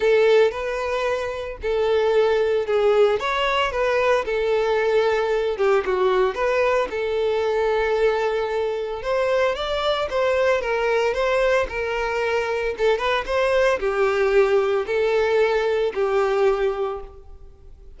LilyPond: \new Staff \with { instrumentName = "violin" } { \time 4/4 \tempo 4 = 113 a'4 b'2 a'4~ | a'4 gis'4 cis''4 b'4 | a'2~ a'8 g'8 fis'4 | b'4 a'2.~ |
a'4 c''4 d''4 c''4 | ais'4 c''4 ais'2 | a'8 b'8 c''4 g'2 | a'2 g'2 | }